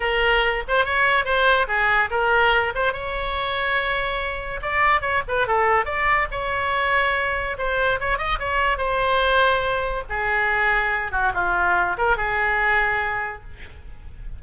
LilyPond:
\new Staff \with { instrumentName = "oboe" } { \time 4/4 \tempo 4 = 143 ais'4. c''8 cis''4 c''4 | gis'4 ais'4. c''8 cis''4~ | cis''2. d''4 | cis''8 b'8 a'4 d''4 cis''4~ |
cis''2 c''4 cis''8 dis''8 | cis''4 c''2. | gis'2~ gis'8 fis'8 f'4~ | f'8 ais'8 gis'2. | }